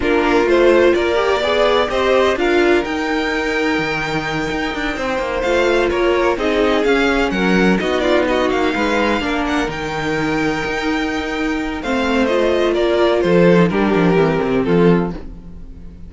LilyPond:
<<
  \new Staff \with { instrumentName = "violin" } { \time 4/4 \tempo 4 = 127 ais'4 c''4 d''2 | dis''4 f''4 g''2~ | g''2.~ g''8 f''8~ | f''8 cis''4 dis''4 f''4 fis''8~ |
fis''8 dis''8 d''8 dis''8 f''2 | fis''8 g''2.~ g''8~ | g''4 f''4 dis''4 d''4 | c''4 ais'2 a'4 | }
  \new Staff \with { instrumentName = "violin" } { \time 4/4 f'2 ais'4 d''4 | c''4 ais'2.~ | ais'2~ ais'8 c''4.~ | c''8 ais'4 gis'2 ais'8~ |
ais'8 fis'8 f'8 fis'4 b'4 ais'8~ | ais'1~ | ais'4 c''2 ais'4 | a'4 g'2 f'4 | }
  \new Staff \with { instrumentName = "viola" } { \time 4/4 d'4 f'4. g'8 gis'4 | g'4 f'4 dis'2~ | dis'2.~ dis'8 f'8~ | f'4. dis'4 cis'4.~ |
cis'8 dis'2. d'8~ | d'8 dis'2.~ dis'8~ | dis'4 c'4 f'2~ | f'8. dis'16 d'4 c'2 | }
  \new Staff \with { instrumentName = "cello" } { \time 4/4 ais4 a4 ais4 b4 | c'4 d'4 dis'2 | dis4. dis'8 d'8 c'8 ais8 a8~ | a8 ais4 c'4 cis'4 fis8~ |
fis8 b4. ais8 gis4 ais8~ | ais8 dis2 dis'4.~ | dis'4 a2 ais4 | f4 g8 f8 e8 c8 f4 | }
>>